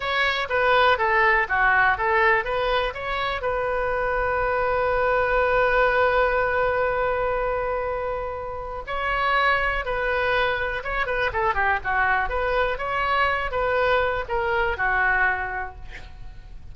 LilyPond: \new Staff \with { instrumentName = "oboe" } { \time 4/4 \tempo 4 = 122 cis''4 b'4 a'4 fis'4 | a'4 b'4 cis''4 b'4~ | b'1~ | b'1~ |
b'2 cis''2 | b'2 cis''8 b'8 a'8 g'8 | fis'4 b'4 cis''4. b'8~ | b'4 ais'4 fis'2 | }